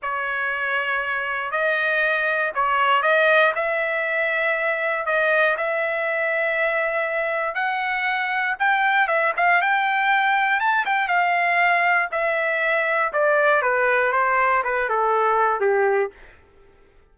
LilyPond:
\new Staff \with { instrumentName = "trumpet" } { \time 4/4 \tempo 4 = 119 cis''2. dis''4~ | dis''4 cis''4 dis''4 e''4~ | e''2 dis''4 e''4~ | e''2. fis''4~ |
fis''4 g''4 e''8 f''8 g''4~ | g''4 a''8 g''8 f''2 | e''2 d''4 b'4 | c''4 b'8 a'4. g'4 | }